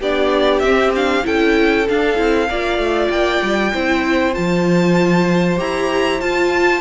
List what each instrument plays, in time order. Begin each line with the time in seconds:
0.00 cello B3, viola D4, violin G4 D5
0.60 cello C4, viola C4, violin E5
0.95 viola D4, violin F5
1.24 cello C#4, viola E4, violin A4 G5
1.88 viola D4, cello D4, violin F5
2.16 cello C4, viola E4
2.49 cello A#3, viola F4, violin D5
2.78 cello A3
3.10 cello A#3, violin G5
3.43 cello G3
3.73 cello C4, viola E4, violin C5
4.33 cello F3, viola F4, violin A5
5.57 cello E4, viola G4, violin A#5
6.21 cello F4, viola F4, violin A5